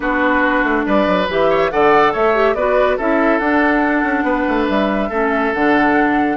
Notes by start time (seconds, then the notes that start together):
0.00 B3 D4 F#4 B4
0.63 A3
0.85 G3 B4 D5
1.07 F#3
1.28 E3 G4 E5
1.49 C#5
1.70 D3 A4 D5 F#5
2.12 A3 C#5 E5
2.34 G4
2.54 B3 F#4 B4 D5
2.97 C#4 E4 A4 E5
3.38 D4 F#5
4.03 C#4
4.23 B3 B4
4.48 A3
4.68 G3 E5
5.09 A3 C#4 A4
5.53 D3 D4 F#5